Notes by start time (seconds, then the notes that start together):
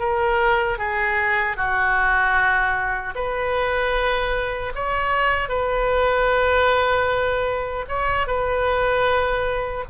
0.00 A#4
0.79 G#4
1.57 F#4
3.15 B4
4.75 C#5
5.49 B4
7.88 C#5
8.27 B4